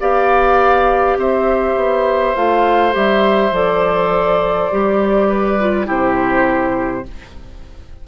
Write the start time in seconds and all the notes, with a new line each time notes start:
0.00 B3 G4 D5 F5
1.17 C4 C5 E5
1.75 B3
2.35 A3 F4 F5
2.92 G3 G4 E5
3.51 F3 A4 D5
4.71 G3 G4
5.28 B4
5.60 F4
5.86 C3 E4 G4 C5